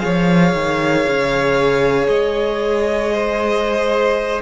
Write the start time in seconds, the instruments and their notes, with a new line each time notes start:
0.00 cello F3, viola G#4, violin C#5 F5
0.55 cello D#3
1.08 cello C#3
2.08 cello G#3, violin D#5
3.13 violin C5